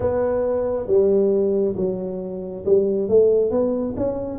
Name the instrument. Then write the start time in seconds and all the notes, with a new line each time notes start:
tuba
0.00 B3
0.87 G3
1.76 F#3
2.65 G3
3.08 A3
3.51 B3
3.97 C#4